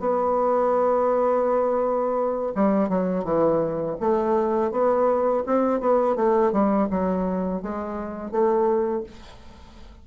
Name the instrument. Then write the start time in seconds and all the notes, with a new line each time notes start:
bassoon
0.00 B3
2.55 G3
2.89 F#3
3.25 E3
4.01 A3
4.72 B3
5.46 C4
5.81 B3
6.16 A3
6.53 G3
6.91 F#3
7.63 G#3
8.32 A3